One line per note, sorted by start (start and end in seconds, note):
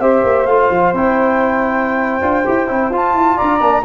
0.00 0.23 C4
0.00 0.48 G4
0.00 3.36 C5
0.00 0.46 E5
0.23 0.46 A#3
0.46 0.70 A3
0.46 0.95 F4
0.46 0.93 F5
0.70 0.93 F3
0.93 2.21 C4
0.93 2.22 E4
0.93 2.94 G5
2.22 2.45 D4
2.22 2.45 F4
2.45 2.69 E4
2.45 2.68 G4
2.68 2.90 C4
2.68 2.91 E4
2.90 3.14 F4
2.90 3.60 F4
2.90 3.37 A5
3.14 3.37 E4
3.36 3.61 D4
3.36 3.83 D5
3.36 3.84 A#5
3.60 3.84 A#3
3.60 3.83 D4